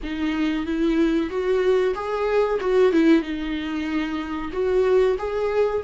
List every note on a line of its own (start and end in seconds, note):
0.03 0.66 D#4
0.66 1.29 E4
1.29 1.94 F#4
1.94 2.59 G#4
2.60 2.92 F#4
2.92 3.22 E4
3.22 4.51 D#4
4.52 5.16 F#4
5.18 5.82 G#4